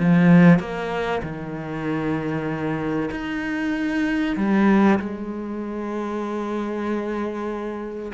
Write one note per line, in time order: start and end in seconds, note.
0.00 0.60 F3
0.60 1.22 A#3
1.23 3.11 D#3
3.12 4.37 D#4
4.37 5.00 G3
5.00 8.12 G#3